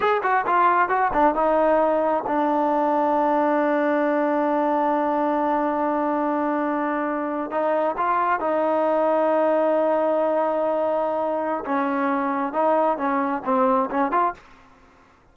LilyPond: \new Staff \with { instrumentName = "trombone" } { \time 4/4 \tempo 4 = 134 gis'8 fis'8 f'4 fis'8 d'8 dis'4~ | dis'4 d'2.~ | d'1~ | d'1~ |
d'8. dis'4 f'4 dis'4~ dis'16~ | dis'1~ | dis'2 cis'2 | dis'4 cis'4 c'4 cis'8 f'8 | }